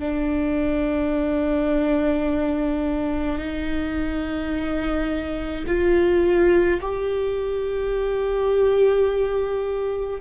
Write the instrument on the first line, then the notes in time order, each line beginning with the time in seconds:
viola
0.00 D4
3.39 D#4
5.68 F4
6.81 G4